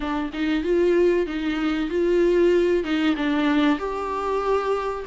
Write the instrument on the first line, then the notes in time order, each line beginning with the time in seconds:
viola
0.00 D4
0.33 D#4
0.63 F4
1.26 D#4
1.89 F4
2.83 D#4
3.16 D4
3.78 G4